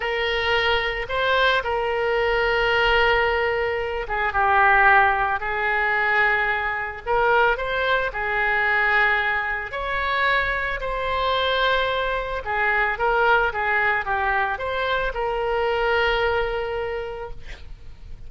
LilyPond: \new Staff \with { instrumentName = "oboe" } { \time 4/4 \tempo 4 = 111 ais'2 c''4 ais'4~ | ais'2.~ ais'8 gis'8 | g'2 gis'2~ | gis'4 ais'4 c''4 gis'4~ |
gis'2 cis''2 | c''2. gis'4 | ais'4 gis'4 g'4 c''4 | ais'1 | }